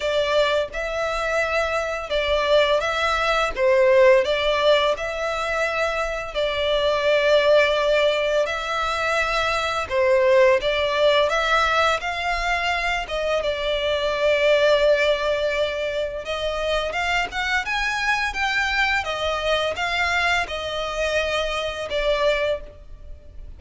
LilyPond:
\new Staff \with { instrumentName = "violin" } { \time 4/4 \tempo 4 = 85 d''4 e''2 d''4 | e''4 c''4 d''4 e''4~ | e''4 d''2. | e''2 c''4 d''4 |
e''4 f''4. dis''8 d''4~ | d''2. dis''4 | f''8 fis''8 gis''4 g''4 dis''4 | f''4 dis''2 d''4 | }